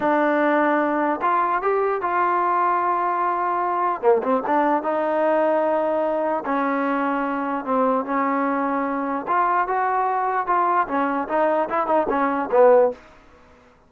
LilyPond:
\new Staff \with { instrumentName = "trombone" } { \time 4/4 \tempo 4 = 149 d'2. f'4 | g'4 f'2.~ | f'2 ais8 c'8 d'4 | dis'1 |
cis'2. c'4 | cis'2. f'4 | fis'2 f'4 cis'4 | dis'4 e'8 dis'8 cis'4 b4 | }